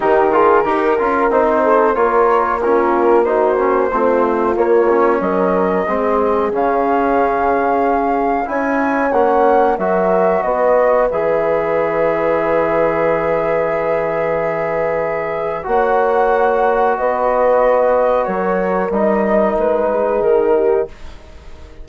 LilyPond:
<<
  \new Staff \with { instrumentName = "flute" } { \time 4/4 \tempo 4 = 92 ais'2 c''4 cis''4 | ais'4 c''2 cis''4 | dis''2 f''2~ | f''4 gis''4 fis''4 e''4 |
dis''4 e''2.~ | e''1 | fis''2 dis''2 | cis''4 dis''4 b'4 ais'4 | }
  \new Staff \with { instrumentName = "horn" } { \time 4/4 g'8 gis'8 ais'4. a'8 ais'4 | f'4 fis'4 f'2 | ais'4 gis'2.~ | gis'4 cis''2 ais'4 |
b'1~ | b'1 | cis''2 b'2 | ais'2~ ais'8 gis'4 g'8 | }
  \new Staff \with { instrumentName = "trombone" } { \time 4/4 dis'8 f'8 g'8 f'8 dis'4 f'4 | cis'4 dis'8 cis'8 c'4 ais8 cis'8~ | cis'4 c'4 cis'2~ | cis'4 e'4 cis'4 fis'4~ |
fis'4 gis'2.~ | gis'1 | fis'1~ | fis'4 dis'2. | }
  \new Staff \with { instrumentName = "bassoon" } { \time 4/4 dis4 dis'8 cis'8 c'4 ais4~ | ais2 a4 ais4 | fis4 gis4 cis2~ | cis4 cis'4 ais4 fis4 |
b4 e2.~ | e1 | ais2 b2 | fis4 g4 gis4 dis4 | }
>>